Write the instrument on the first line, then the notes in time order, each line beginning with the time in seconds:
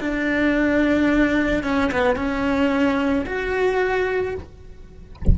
cello
0.00 D4
1.64 C#4
1.91 B3
2.16 C#4
3.26 F#4